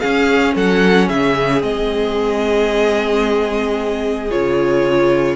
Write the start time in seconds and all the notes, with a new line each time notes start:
0.00 C#4 G#4 F5
0.55 F#3 A4 F#5
1.08 C#3 G#4 E5
1.60 G#3 C4 D#5
4.30 C#3 F4 C#5